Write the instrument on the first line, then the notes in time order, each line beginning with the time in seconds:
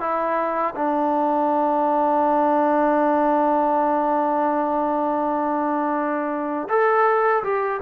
trombone
0.00 E4
0.75 D4
6.69 A4
7.43 G4